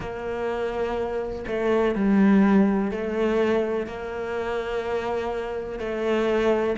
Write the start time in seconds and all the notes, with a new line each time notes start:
0.00 A#3
1.47 A3
1.95 G3
2.91 A3
3.86 A#3
5.79 A3